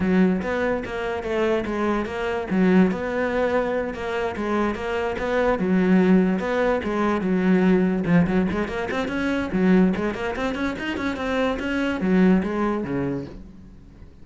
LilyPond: \new Staff \with { instrumentName = "cello" } { \time 4/4 \tempo 4 = 145 fis4 b4 ais4 a4 | gis4 ais4 fis4 b4~ | b4. ais4 gis4 ais8~ | ais8 b4 fis2 b8~ |
b8 gis4 fis2 f8 | fis8 gis8 ais8 c'8 cis'4 fis4 | gis8 ais8 c'8 cis'8 dis'8 cis'8 c'4 | cis'4 fis4 gis4 cis4 | }